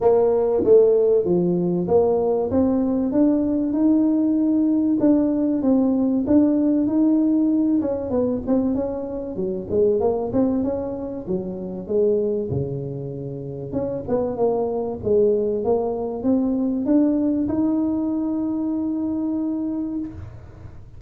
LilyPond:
\new Staff \with { instrumentName = "tuba" } { \time 4/4 \tempo 4 = 96 ais4 a4 f4 ais4 | c'4 d'4 dis'2 | d'4 c'4 d'4 dis'4~ | dis'8 cis'8 b8 c'8 cis'4 fis8 gis8 |
ais8 c'8 cis'4 fis4 gis4 | cis2 cis'8 b8 ais4 | gis4 ais4 c'4 d'4 | dis'1 | }